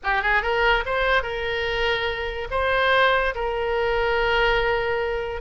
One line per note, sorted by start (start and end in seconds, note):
0.03 0.22 G4
0.22 0.42 G#4
0.42 0.84 A#4
0.85 1.23 C5
1.23 2.48 A#4
2.51 3.34 C5
3.34 5.41 A#4